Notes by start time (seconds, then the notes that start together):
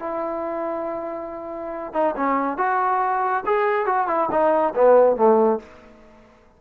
0.00 E4
1.94 D#4
2.17 C#4
2.58 F#4
3.46 G#4
3.86 F#4
4.08 E4
4.31 D#4
4.76 B3
5.17 A3